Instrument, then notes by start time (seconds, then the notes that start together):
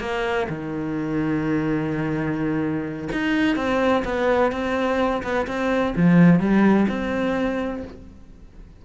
cello
0.00 A#3
0.49 D#3
3.12 D#4
3.56 C4
4.05 B3
4.52 C4
5.23 B3
5.47 C4
5.96 F3
6.40 G3
6.88 C4